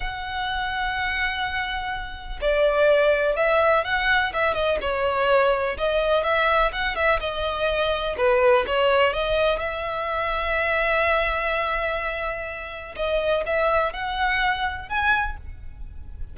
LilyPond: \new Staff \with { instrumentName = "violin" } { \time 4/4 \tempo 4 = 125 fis''1~ | fis''4 d''2 e''4 | fis''4 e''8 dis''8 cis''2 | dis''4 e''4 fis''8 e''8 dis''4~ |
dis''4 b'4 cis''4 dis''4 | e''1~ | e''2. dis''4 | e''4 fis''2 gis''4 | }